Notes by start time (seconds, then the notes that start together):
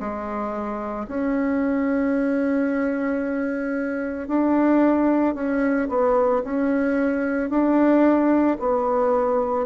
0.00 G#3
1.08 C#4
4.29 D4
5.35 C#4
5.89 B3
6.44 C#4
7.50 D4
8.60 B3